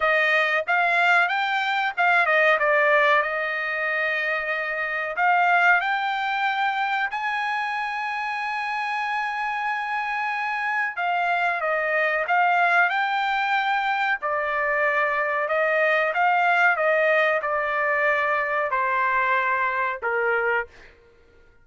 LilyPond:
\new Staff \with { instrumentName = "trumpet" } { \time 4/4 \tempo 4 = 93 dis''4 f''4 g''4 f''8 dis''8 | d''4 dis''2. | f''4 g''2 gis''4~ | gis''1~ |
gis''4 f''4 dis''4 f''4 | g''2 d''2 | dis''4 f''4 dis''4 d''4~ | d''4 c''2 ais'4 | }